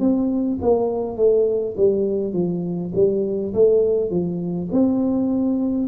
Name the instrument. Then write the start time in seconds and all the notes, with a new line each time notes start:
tuba
0.00 C4
0.62 A#3
1.17 A3
1.77 G3
2.34 F3
2.95 G3
3.54 A3
4.11 F3
4.72 C4